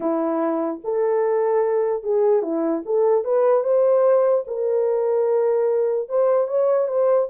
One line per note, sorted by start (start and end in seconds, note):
0.00 0.80 E4
0.84 2.03 A4
2.03 2.42 G#4
2.42 2.82 E4
2.85 3.24 A4
3.24 3.63 B4
3.63 4.44 C5
4.47 6.08 A#4
6.08 6.47 C5
6.47 6.88 C#5
6.88 7.28 C5